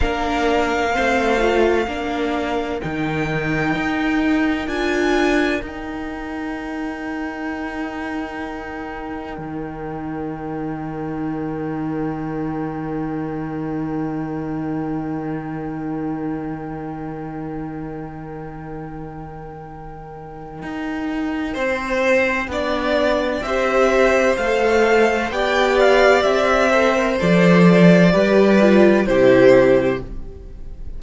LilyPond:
<<
  \new Staff \with { instrumentName = "violin" } { \time 4/4 \tempo 4 = 64 f''2. g''4~ | g''4 gis''4 g''2~ | g''1~ | g''1~ |
g''1~ | g''1~ | g''4 e''4 f''4 g''8 f''8 | e''4 d''2 c''4 | }
  \new Staff \with { instrumentName = "violin" } { \time 4/4 ais'4 c''4 ais'2~ | ais'1~ | ais'1~ | ais'1~ |
ais'1~ | ais'2. c''4 | d''4 c''2 d''4~ | d''8 c''4. b'4 g'4 | }
  \new Staff \with { instrumentName = "viola" } { \time 4/4 d'4 c'8 f'8 d'4 dis'4~ | dis'4 f'4 dis'2~ | dis'1~ | dis'1~ |
dis'1~ | dis'1 | d'4 g'4 a'4 g'4~ | g'8 a'16 ais'16 a'4 g'8 f'8 e'4 | }
  \new Staff \with { instrumentName = "cello" } { \time 4/4 ais4 a4 ais4 dis4 | dis'4 d'4 dis'2~ | dis'2 dis2~ | dis1~ |
dis1~ | dis2 dis'4 c'4 | b4 c'4 a4 b4 | c'4 f4 g4 c4 | }
>>